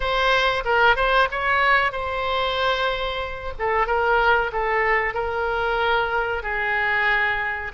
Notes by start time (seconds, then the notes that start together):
0.00 C5
0.65 A#4
0.96 C5
1.31 C#5
1.92 C5
3.58 A4
3.87 A#4
4.52 A4
5.14 A#4
6.43 G#4